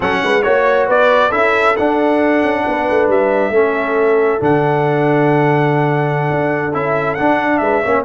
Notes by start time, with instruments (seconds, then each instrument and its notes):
0.00 tuba F#3, trombone C#4, horn A4, trumpet F#5
0.22 tuba G#3, horn B4
0.42 tuba A#3, trombone F#4, trumpet C#5, horn C#5
0.87 tuba B3, horn B4, trumpet D5
1.28 tuba C#4, trombone E4, horn A4, trumpet E5
1.76 trombone D4, tuba D4, trumpet F#5
2.42 tuba C#4
2.67 tuba B3, horn B4
2.90 tuba A3
3.08 tuba G3, trumpet E5
3.49 tuba A3, trombone C#4, horn A4
4.40 tuba D3, trombone D4, trumpet F#5
6.30 tuba D4
6.73 tuba C#4, trombone E4, trumpet E5
7.14 trombone D4, tuba D4, trumpet F#5
7.57 tuba G#3, horn B4, trumpet E5
7.82 tuba A#3, trombone C#4, horn C#5